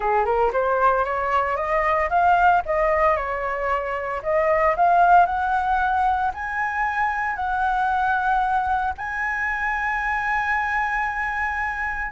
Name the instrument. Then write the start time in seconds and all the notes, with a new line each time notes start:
flute
0.00 G#4
0.25 A#4
0.52 C5
1.04 C#5
1.56 D#5
2.09 F5
2.65 D#5
3.16 C#5
4.22 D#5
4.76 F5
5.26 F#5
6.33 G#5
7.35 F#5
8.97 G#5